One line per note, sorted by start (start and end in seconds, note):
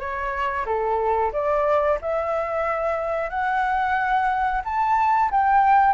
0.00 0.66 C#5
0.66 1.32 A4
1.33 1.99 D5
2.02 3.30 E5
3.30 4.62 F#5
4.65 5.31 A5
5.31 5.94 G5